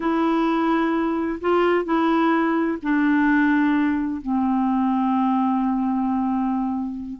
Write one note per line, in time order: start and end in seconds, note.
0.00 1.39 E4
1.40 1.85 F4
1.85 2.78 E4
2.82 4.21 D4
4.21 7.20 C4